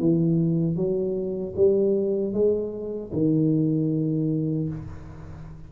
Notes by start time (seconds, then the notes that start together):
0.00 E3
0.77 F#3
1.57 G3
2.34 G#3
3.13 D#3